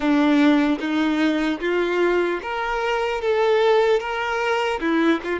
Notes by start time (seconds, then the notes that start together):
0.00 D4
0.80 D#4
1.60 F4
2.42 A#4
3.21 A4
4.00 A#4
4.80 E4
5.23 F4